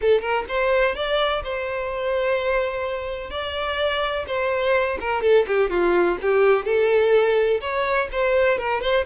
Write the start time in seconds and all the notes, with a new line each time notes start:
0.01 A4
0.21 A#4
0.48 C5
0.95 D5
1.43 C5
3.30 D5
4.27 C5
5.00 A#4
5.21 A4
5.47 G4
5.70 F4
6.21 G4
6.65 A4
7.60 C#5
8.11 C5
8.58 A#4
8.81 C5